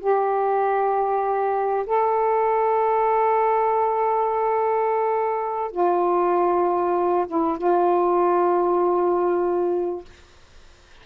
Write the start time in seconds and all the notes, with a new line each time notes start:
0.00 G4
1.86 A4
5.71 F4
7.28 E4
7.57 F4